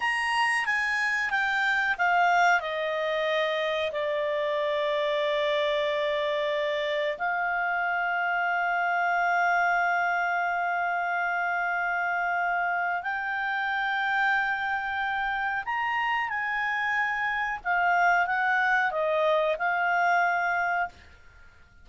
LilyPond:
\new Staff \with { instrumentName = "clarinet" } { \time 4/4 \tempo 4 = 92 ais''4 gis''4 g''4 f''4 | dis''2 d''2~ | d''2. f''4~ | f''1~ |
f''1 | g''1 | ais''4 gis''2 f''4 | fis''4 dis''4 f''2 | }